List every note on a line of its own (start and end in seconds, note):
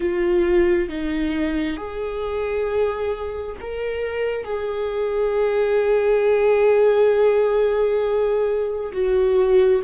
0.00 0.88 F4
0.88 1.77 D#4
1.77 3.56 G#4
3.60 4.44 A#4
4.44 8.91 G#4
8.92 9.81 F#4